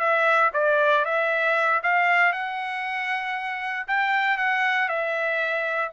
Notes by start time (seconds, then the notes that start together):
0.00 E5
0.54 D5
1.05 E5
1.83 F5
2.33 F#5
3.88 G5
4.38 F#5
4.89 E5